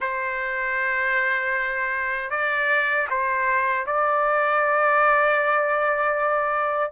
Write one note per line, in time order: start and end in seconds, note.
0.00 2.30 C5
2.30 3.07 D5
3.09 3.86 C5
3.86 6.91 D5